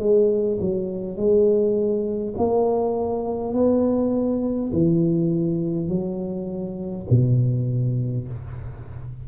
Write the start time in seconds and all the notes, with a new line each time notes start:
0.00 G#3
0.61 F#3
1.17 G#3
2.38 A#3
3.54 B3
4.73 E3
5.89 F#3
7.11 B2